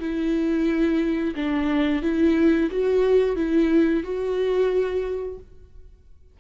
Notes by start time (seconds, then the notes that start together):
0.00 E4
1.36 D4
2.03 E4
2.71 F#4
3.36 E4
4.04 F#4